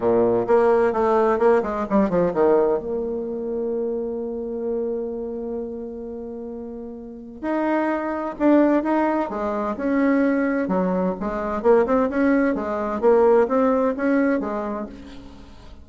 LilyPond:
\new Staff \with { instrumentName = "bassoon" } { \time 4/4 \tempo 4 = 129 ais,4 ais4 a4 ais8 gis8 | g8 f8 dis4 ais2~ | ais1~ | ais1 |
dis'2 d'4 dis'4 | gis4 cis'2 fis4 | gis4 ais8 c'8 cis'4 gis4 | ais4 c'4 cis'4 gis4 | }